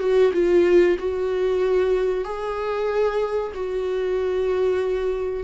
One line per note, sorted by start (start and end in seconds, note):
0.00 0.32 F#4
0.34 0.97 F4
0.99 2.25 F#4
2.25 3.53 G#4
3.55 5.44 F#4